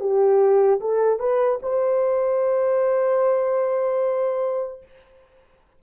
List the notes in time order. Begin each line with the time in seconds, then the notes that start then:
0.00 G4
0.80 A4
1.19 B4
1.63 C5